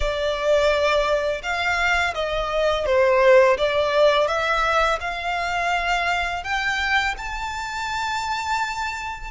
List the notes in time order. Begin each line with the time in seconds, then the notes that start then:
0.00 D5
1.42 F5
2.14 D#5
2.86 C5
3.57 D5
4.27 E5
5.00 F5
6.43 G5
7.17 A5